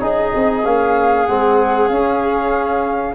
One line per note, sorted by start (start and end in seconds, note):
0.00 0.33 C#4
0.00 0.63 D#4
0.00 3.15 G#4
0.00 0.65 D#5
0.35 0.65 C4
0.65 1.28 A#3
0.65 1.28 C#4
0.65 1.26 F5
1.26 1.90 G#3
1.26 1.91 C4
1.26 1.88 F#5
1.88 3.15 C#4
1.88 3.14 F5